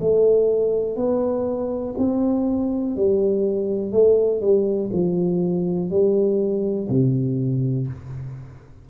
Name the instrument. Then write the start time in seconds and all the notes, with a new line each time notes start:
tuba
0.00 A3
0.96 B3
1.98 C4
2.96 G3
3.92 A3
4.41 G3
4.92 F3
5.90 G3
6.89 C3